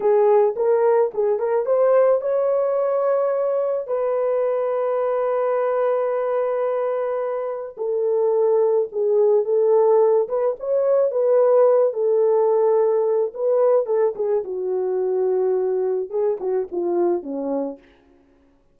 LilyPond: \new Staff \with { instrumentName = "horn" } { \time 4/4 \tempo 4 = 108 gis'4 ais'4 gis'8 ais'8 c''4 | cis''2. b'4~ | b'1~ | b'2 a'2 |
gis'4 a'4. b'8 cis''4 | b'4. a'2~ a'8 | b'4 a'8 gis'8 fis'2~ | fis'4 gis'8 fis'8 f'4 cis'4 | }